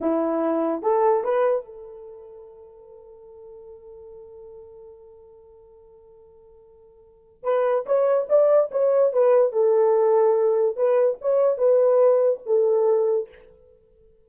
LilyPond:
\new Staff \with { instrumentName = "horn" } { \time 4/4 \tempo 4 = 145 e'2 a'4 b'4 | a'1~ | a'1~ | a'1~ |
a'2 b'4 cis''4 | d''4 cis''4 b'4 a'4~ | a'2 b'4 cis''4 | b'2 a'2 | }